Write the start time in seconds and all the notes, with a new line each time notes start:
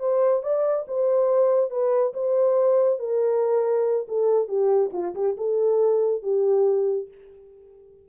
0.00 C5
0.43 D5
0.88 C5
1.70 B4
2.14 C5
2.99 A#4
4.08 A4
4.48 G4
4.93 F4
5.15 G4
5.38 A4
6.23 G4